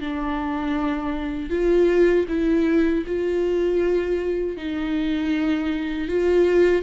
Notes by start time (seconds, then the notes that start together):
0.00 D4
1.50 F4
2.28 E4
3.06 F4
4.56 D#4
6.08 F4